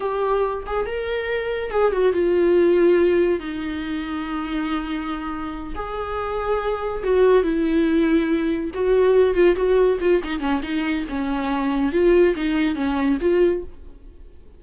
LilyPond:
\new Staff \with { instrumentName = "viola" } { \time 4/4 \tempo 4 = 141 g'4. gis'8 ais'2 | gis'8 fis'8 f'2. | dis'1~ | dis'4. gis'2~ gis'8~ |
gis'8 fis'4 e'2~ e'8~ | e'8 fis'4. f'8 fis'4 f'8 | dis'8 cis'8 dis'4 cis'2 | f'4 dis'4 cis'4 f'4 | }